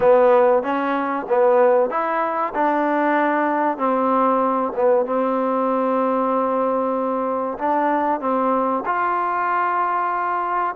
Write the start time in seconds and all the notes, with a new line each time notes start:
0.00 B3
0.63 C#4
1.29 B3
1.89 E4
2.54 D4
3.77 C4
4.75 B3
5.05 C4
7.58 D4
8.20 C4
8.85 F4